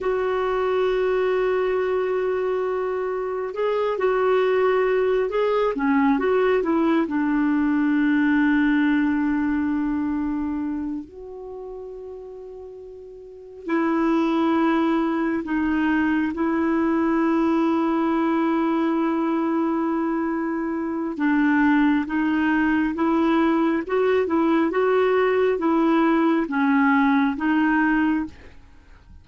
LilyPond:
\new Staff \with { instrumentName = "clarinet" } { \time 4/4 \tempo 4 = 68 fis'1 | gis'8 fis'4. gis'8 cis'8 fis'8 e'8 | d'1~ | d'8 fis'2. e'8~ |
e'4. dis'4 e'4.~ | e'1 | d'4 dis'4 e'4 fis'8 e'8 | fis'4 e'4 cis'4 dis'4 | }